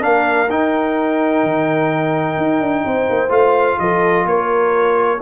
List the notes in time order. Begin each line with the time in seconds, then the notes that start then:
0.00 A#3 D4 A#4 F5
0.50 D#4 G5
1.43 D#3
2.37 D#4
2.60 D4
2.85 C4 C5
3.10 A#3
3.29 A3 F4 F5
3.79 F3 A4 D#5
4.25 A#3 A#4 C#5